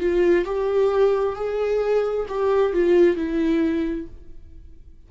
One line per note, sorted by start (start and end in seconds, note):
0.00 0.45 F4
0.45 1.36 G4
1.36 2.26 G#4
2.29 2.73 G4
2.73 3.17 F4
3.17 4.07 E4